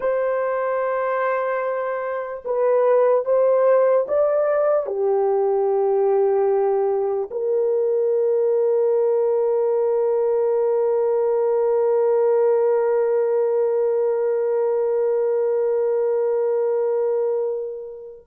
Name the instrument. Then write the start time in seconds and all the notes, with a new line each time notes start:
horn
0.00 C5
2.44 B4
3.25 C5
4.08 D5
4.86 G4
7.30 A#4